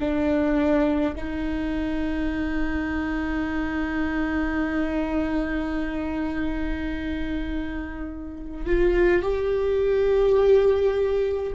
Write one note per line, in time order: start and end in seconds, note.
0.00 1.15 D4
1.15 8.65 D#4
8.66 9.22 F4
9.22 11.53 G4